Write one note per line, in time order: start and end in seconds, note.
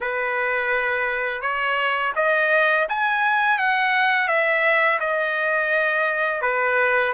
0.00 1.41 B4
1.41 2.12 C#5
2.15 2.87 D#5
2.88 3.58 G#5
3.58 4.28 F#5
4.28 4.99 E5
5.00 6.41 D#5
6.41 7.13 B4